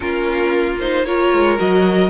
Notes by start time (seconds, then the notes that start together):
0.00 A#3 C#4 F4 A#4
0.79 D#4 C5
1.06 F4 A#4 C#5
1.32 G#3
1.56 F#3 F#4 D#5